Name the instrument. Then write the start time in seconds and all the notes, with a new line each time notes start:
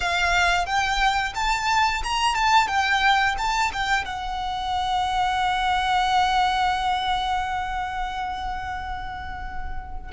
violin
0.00 F5
0.66 G5
1.35 A5
2.03 A#5
2.34 A5
2.67 G5
3.38 A5
3.73 G5
4.04 F#5